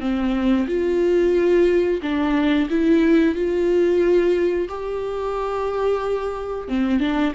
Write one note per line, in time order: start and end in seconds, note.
0.00 0.67 C4
0.67 2.00 F4
2.02 2.68 D4
2.70 3.35 E4
3.35 4.68 F4
4.68 6.68 G4
6.68 7.00 C4
7.00 7.33 D4